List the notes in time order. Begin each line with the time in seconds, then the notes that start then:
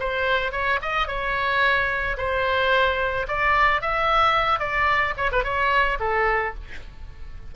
0.00 C5
0.52 C#5
0.82 D#5
1.08 C#5
2.18 C5
3.28 D5
3.82 E5
4.59 D5
5.17 C#5
5.32 B4
5.44 C#5
6.00 A4